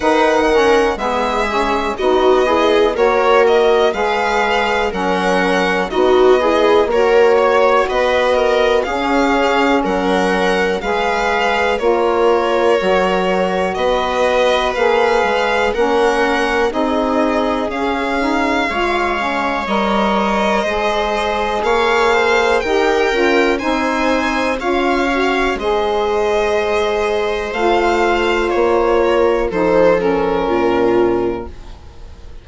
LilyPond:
<<
  \new Staff \with { instrumentName = "violin" } { \time 4/4 \tempo 4 = 61 fis''4 e''4 dis''4 cis''8 dis''8 | f''4 fis''4 dis''4 cis''4 | dis''4 f''4 fis''4 f''4 | cis''2 dis''4 f''4 |
fis''4 dis''4 f''2 | dis''2 f''4 g''4 | gis''4 f''4 dis''2 | f''4 cis''4 c''8 ais'4. | }
  \new Staff \with { instrumentName = "viola" } { \time 4/4 b'8 ais'8 gis'4 fis'8 gis'8 ais'4 | b'4 ais'4 fis'8 gis'8 ais'8 cis''8 | b'8 ais'8 gis'4 ais'4 b'4 | ais'2 b'2 |
ais'4 gis'2 cis''4~ | cis''4 c''4 cis''8 c''8 ais'4 | c''4 cis''4 c''2~ | c''4. ais'8 a'4 f'4 | }
  \new Staff \with { instrumentName = "saxophone" } { \time 4/4 dis'8 cis'8 b8 cis'8 dis'8 e'8 fis'4 | gis'4 cis'4 dis'8 e'8 fis'4~ | fis'4 cis'2 gis'4 | f'4 fis'2 gis'4 |
cis'4 dis'4 cis'8 dis'8 f'8 cis'8 | ais'4 gis'2 g'8 f'8 | dis'4 f'8 fis'8 gis'2 | f'2 dis'8 cis'4. | }
  \new Staff \with { instrumentName = "bassoon" } { \time 4/4 dis4 gis4 b4 ais4 | gis4 fis4 b4 ais4 | b4 cis'4 fis4 gis4 | ais4 fis4 b4 ais8 gis8 |
ais4 c'4 cis'4 gis4 | g4 gis4 ais4 dis'8 cis'8 | c'4 cis'4 gis2 | a4 ais4 f4 ais,4 | }
>>